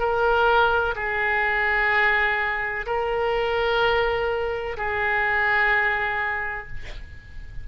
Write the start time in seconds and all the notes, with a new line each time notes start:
0.00 A#4
0.96 G#4
2.87 A#4
4.77 G#4